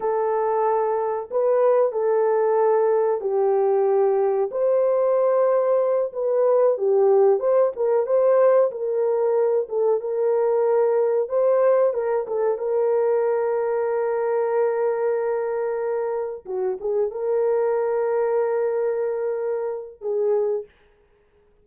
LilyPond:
\new Staff \with { instrumentName = "horn" } { \time 4/4 \tempo 4 = 93 a'2 b'4 a'4~ | a'4 g'2 c''4~ | c''4. b'4 g'4 c''8 | ais'8 c''4 ais'4. a'8 ais'8~ |
ais'4. c''4 ais'8 a'8 ais'8~ | ais'1~ | ais'4. fis'8 gis'8 ais'4.~ | ais'2. gis'4 | }